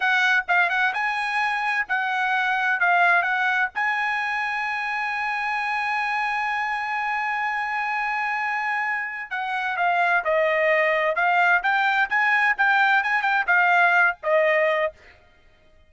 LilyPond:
\new Staff \with { instrumentName = "trumpet" } { \time 4/4 \tempo 4 = 129 fis''4 f''8 fis''8 gis''2 | fis''2 f''4 fis''4 | gis''1~ | gis''1~ |
gis''1 | fis''4 f''4 dis''2 | f''4 g''4 gis''4 g''4 | gis''8 g''8 f''4. dis''4. | }